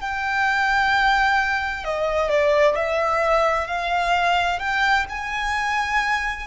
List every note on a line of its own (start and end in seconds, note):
0.00 1.84 G5
1.84 2.30 D#5
2.30 2.75 D5
2.75 3.67 E5
3.67 4.59 F5
4.59 5.05 G5
5.09 6.47 G#5